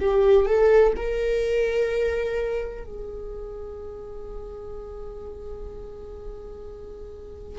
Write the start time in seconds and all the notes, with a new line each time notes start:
0.00 G4
0.46 A4
0.96 A#4
2.84 G#4